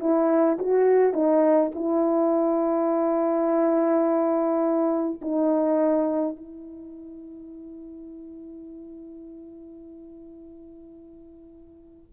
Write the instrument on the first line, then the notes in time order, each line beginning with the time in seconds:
horn
0.00 E4
0.59 F#4
1.14 D#4
1.75 E4
5.22 D#4
6.37 E4